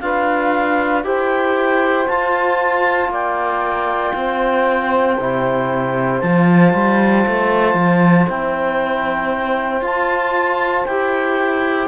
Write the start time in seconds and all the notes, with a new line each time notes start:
0.00 D4 F4 B4 F5
1.04 E4 G4 C5 G5
2.07 F4 A5
3.08 A#3 D5 G5
4.15 C4 C5
5.19 C3 E4
6.21 F3 F4 A5
6.74 G3
7.27 A3
7.74 F3
8.28 C4 E4 G5
9.81 F4 A5
10.86 E4 G4 G5